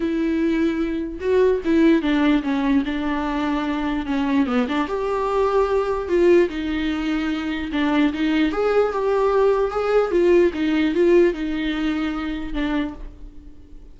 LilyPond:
\new Staff \with { instrumentName = "viola" } { \time 4/4 \tempo 4 = 148 e'2. fis'4 | e'4 d'4 cis'4 d'4~ | d'2 cis'4 b8 d'8 | g'2. f'4 |
dis'2. d'4 | dis'4 gis'4 g'2 | gis'4 f'4 dis'4 f'4 | dis'2. d'4 | }